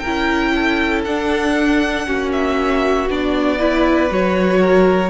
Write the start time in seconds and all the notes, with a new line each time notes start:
0.00 E4 A#4 G5
0.07 C#4
0.56 A4
1.05 D4 F#5
2.06 A#3 C#4 F#4
2.32 E5
3.10 B3 D4 D5
3.59 E4 B4
4.11 F#3 F#4 C#5
4.61 A#4